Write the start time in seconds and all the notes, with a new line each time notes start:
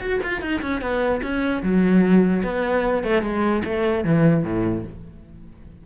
0.00 F#4
0.23 F4
0.41 D#4
0.62 C#4
0.81 B3
1.22 C#4
1.63 F#3
2.43 B3
3.04 A3
3.23 G#3
3.64 A3
4.05 E3
4.44 A2